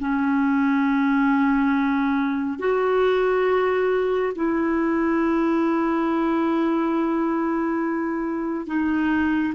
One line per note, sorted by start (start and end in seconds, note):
0.00 2.59 C#4
2.59 4.33 F#4
4.36 8.66 E4
8.66 9.53 D#4